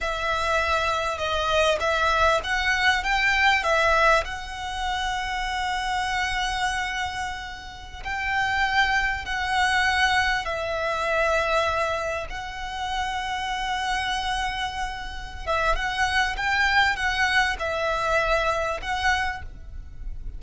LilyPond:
\new Staff \with { instrumentName = "violin" } { \time 4/4 \tempo 4 = 99 e''2 dis''4 e''4 | fis''4 g''4 e''4 fis''4~ | fis''1~ | fis''4~ fis''16 g''2 fis''8.~ |
fis''4~ fis''16 e''2~ e''8.~ | e''16 fis''2.~ fis''8.~ | fis''4. e''8 fis''4 g''4 | fis''4 e''2 fis''4 | }